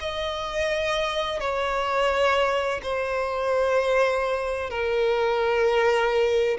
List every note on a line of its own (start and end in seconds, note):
0.00 1.40 D#5
1.40 2.81 C#5
2.83 4.70 C5
4.70 6.58 A#4